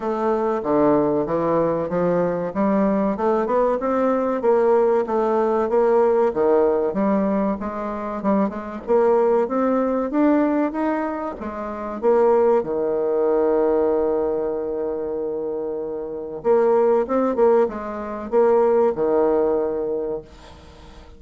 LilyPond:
\new Staff \with { instrumentName = "bassoon" } { \time 4/4 \tempo 4 = 95 a4 d4 e4 f4 | g4 a8 b8 c'4 ais4 | a4 ais4 dis4 g4 | gis4 g8 gis8 ais4 c'4 |
d'4 dis'4 gis4 ais4 | dis1~ | dis2 ais4 c'8 ais8 | gis4 ais4 dis2 | }